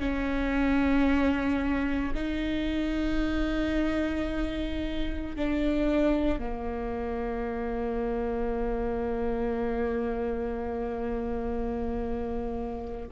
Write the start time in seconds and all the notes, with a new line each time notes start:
0.00 C#4
2.15 D#4
5.37 D4
6.39 A#3